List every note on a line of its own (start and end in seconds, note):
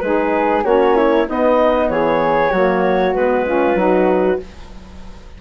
0.00 0.65 G#3
0.00 0.64 D#4
0.00 0.65 G#4
0.00 0.62 B4
0.64 1.27 A#3
0.64 1.26 C#4
0.64 0.97 F#4
0.64 1.27 C#5
0.97 1.28 E4
1.27 2.52 B3
1.27 1.90 B3
1.27 1.92 D#4
1.27 1.89 D#5
1.89 2.52 E3
1.89 2.52 G#4
1.89 3.14 C#5
2.52 3.14 F#3
2.52 3.16 A#3
2.52 3.45 F#4
3.15 3.75 G#3
3.15 3.46 B3
3.15 4.40 B4
3.46 3.77 C#4
3.46 3.79 F4
3.75 4.38 F#3
3.75 4.39 D#4
3.75 4.41 F#4